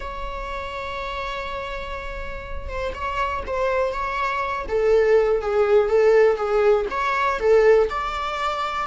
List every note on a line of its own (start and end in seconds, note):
0.00 2.68 C#5
2.68 2.93 C5
2.94 3.43 C#5
3.46 3.92 C5
3.92 4.66 C#5
4.68 5.41 A4
5.41 5.89 G#4
5.89 6.36 A4
6.36 6.85 G#4
6.90 7.39 C#5
7.39 7.88 A4
7.89 8.87 D5